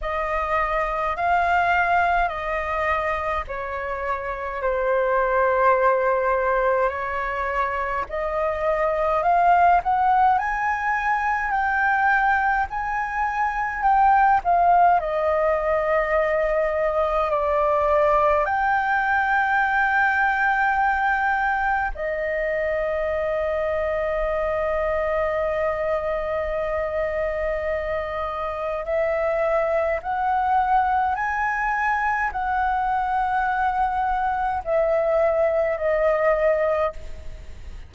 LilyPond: \new Staff \with { instrumentName = "flute" } { \time 4/4 \tempo 4 = 52 dis''4 f''4 dis''4 cis''4 | c''2 cis''4 dis''4 | f''8 fis''8 gis''4 g''4 gis''4 | g''8 f''8 dis''2 d''4 |
g''2. dis''4~ | dis''1~ | dis''4 e''4 fis''4 gis''4 | fis''2 e''4 dis''4 | }